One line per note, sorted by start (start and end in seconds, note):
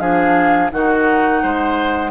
0.00 0.71 F3
0.00 0.71 D4
0.00 0.72 G#4
0.00 0.71 F5
0.72 1.43 D#3
0.72 2.12 D#4
0.72 1.43 F#4
0.72 2.12 F#5
1.43 2.12 G#3
1.43 2.12 C5